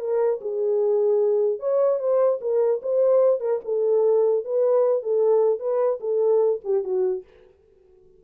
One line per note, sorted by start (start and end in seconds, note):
0.00 0.40 A#4
0.41 1.59 G#4
1.59 1.99 C#5
1.99 2.39 C5
2.41 2.81 A#4
2.82 3.40 C5
3.40 3.60 A#4
3.65 4.45 A4
4.45 5.03 B4
5.03 5.60 A4
5.60 6.00 B4
6.00 6.60 A4
6.64 6.84 G4
6.84 7.24 F#4